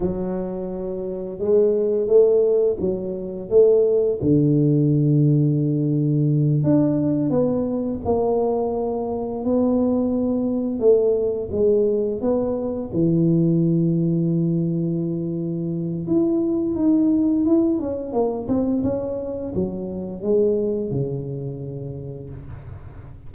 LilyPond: \new Staff \with { instrumentName = "tuba" } { \time 4/4 \tempo 4 = 86 fis2 gis4 a4 | fis4 a4 d2~ | d4. d'4 b4 ais8~ | ais4. b2 a8~ |
a8 gis4 b4 e4.~ | e2. e'4 | dis'4 e'8 cis'8 ais8 c'8 cis'4 | fis4 gis4 cis2 | }